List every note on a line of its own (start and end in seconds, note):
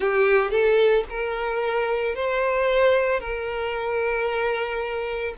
0.00 0.50 G4
0.50 1.04 A4
1.10 2.15 A#4
2.15 3.19 C5
3.19 5.34 A#4